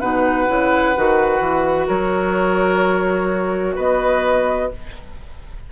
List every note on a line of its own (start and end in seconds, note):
0.00 0.48 B2
0.00 0.48 D#4
0.00 1.88 B4
0.00 1.88 F#5
0.48 0.96 C#3
0.48 0.95 E4
0.96 1.40 D#3
0.96 4.71 F#4
1.40 1.87 E3
1.88 3.77 F#3
1.88 3.75 A#4
1.88 3.76 C#5
3.75 4.71 B3
3.75 4.69 B4
3.75 4.72 D#5